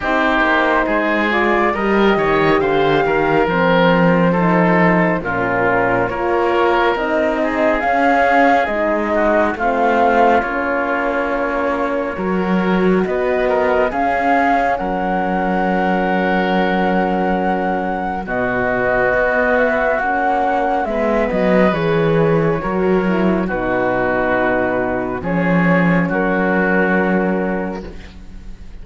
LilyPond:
<<
  \new Staff \with { instrumentName = "flute" } { \time 4/4 \tempo 4 = 69 c''4. d''8 dis''4 f''4 | c''2 ais'4 cis''4 | dis''4 f''4 dis''4 f''4 | cis''2. dis''4 |
f''4 fis''2.~ | fis''4 dis''4. e''8 fis''4 | e''8 dis''8 cis''2 b'4~ | b'4 cis''4 ais'2 | }
  \new Staff \with { instrumentName = "oboe" } { \time 4/4 g'4 gis'4 ais'8 cis''8 c''8 ais'8~ | ais'4 a'4 f'4 ais'4~ | ais'8 gis'2 fis'8 f'4~ | f'2 ais'4 b'8 ais'8 |
gis'4 ais'2.~ | ais'4 fis'2. | b'2 ais'4 fis'4~ | fis'4 gis'4 fis'2 | }
  \new Staff \with { instrumentName = "horn" } { \time 4/4 dis'4. f'8 g'2 | c'4 dis'4 cis'4 f'4 | dis'4 cis'4 dis'4 c'4 | cis'2 fis'2 |
cis'1~ | cis'4 b2 cis'4 | b4 gis'4 fis'8 e'8 dis'4~ | dis'4 cis'2. | }
  \new Staff \with { instrumentName = "cello" } { \time 4/4 c'8 ais8 gis4 g8 dis8 d8 dis8 | f2 ais,4 ais4 | c'4 cis'4 gis4 a4 | ais2 fis4 b4 |
cis'4 fis2.~ | fis4 b,4 b4 ais4 | gis8 fis8 e4 fis4 b,4~ | b,4 f4 fis2 | }
>>